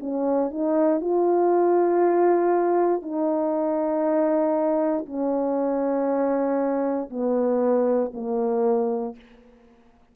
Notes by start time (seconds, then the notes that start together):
0.00 C#4
0.51 D#4
1.01 F4
3.02 D#4
5.06 C#4
7.10 B3
8.14 A#3